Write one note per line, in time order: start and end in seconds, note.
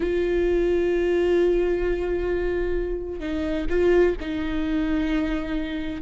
0.00 3.20 F4
3.20 3.66 D#4
3.69 4.15 F4
4.20 6.01 D#4